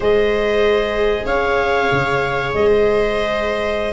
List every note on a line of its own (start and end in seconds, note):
0.00 1.24 G#3
0.00 3.92 G#4
0.00 1.26 C5
0.00 1.26 D#5
1.25 1.88 C#4
1.25 2.67 C#5
1.25 2.52 F5
1.91 2.53 C#3
2.53 3.93 G#3
2.53 3.93 D#5
2.67 3.93 C5